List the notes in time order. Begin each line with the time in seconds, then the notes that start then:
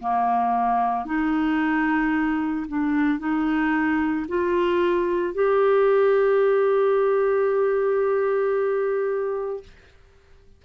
0.00 A#3
1.06 D#4
2.68 D4
3.19 D#4
4.29 F4
5.35 G4